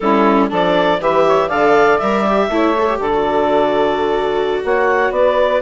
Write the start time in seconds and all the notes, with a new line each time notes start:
0.00 G3 C#4 E4 A4
0.49 F3 D4 A4 D5
1.00 E3 G4 B4 E5
1.26 C#5
1.47 D3 A4 D5 F5
1.98 G3 A#4 E5
2.26 G4
2.49 A3 E4 C#5
2.78 A4
2.87 G4
2.98 D3 A4 D5
3.13 F#4
4.64 A#3 C#5 F#5
5.10 B3 B4 D5